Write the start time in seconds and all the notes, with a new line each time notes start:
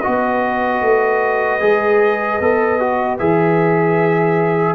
0.00 F#4 B4 D#5
0.07 B3
0.81 A3
1.61 G#3 G#4
2.40 B3 A4
2.80 F#4
3.19 E3 G#4 E5